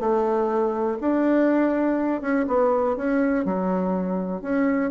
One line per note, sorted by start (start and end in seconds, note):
0.00 0.98 A3
1.01 2.22 D4
2.22 2.46 C#4
2.47 2.97 B3
2.97 3.45 C#4
3.45 4.42 F#3
4.42 4.91 C#4